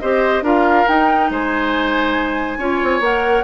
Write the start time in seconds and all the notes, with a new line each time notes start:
0.00 C4 G4 C5 D#5
0.41 D4 F4 A#4 F5
0.87 D#4 G5
1.30 G#3 C5 G#5
2.58 C#4 F4 C#5
2.83 C4
3.00 A#3 A#4 F#5